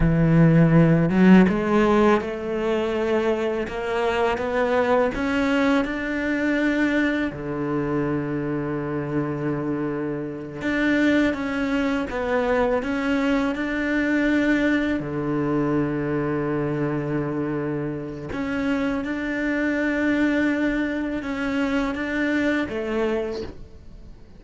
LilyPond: \new Staff \with { instrumentName = "cello" } { \time 4/4 \tempo 4 = 82 e4. fis8 gis4 a4~ | a4 ais4 b4 cis'4 | d'2 d2~ | d2~ d8 d'4 cis'8~ |
cis'8 b4 cis'4 d'4.~ | d'8 d2.~ d8~ | d4 cis'4 d'2~ | d'4 cis'4 d'4 a4 | }